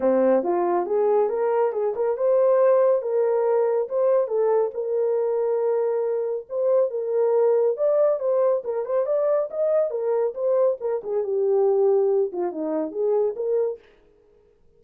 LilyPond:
\new Staff \with { instrumentName = "horn" } { \time 4/4 \tempo 4 = 139 c'4 f'4 gis'4 ais'4 | gis'8 ais'8 c''2 ais'4~ | ais'4 c''4 a'4 ais'4~ | ais'2. c''4 |
ais'2 d''4 c''4 | ais'8 c''8 d''4 dis''4 ais'4 | c''4 ais'8 gis'8 g'2~ | g'8 f'8 dis'4 gis'4 ais'4 | }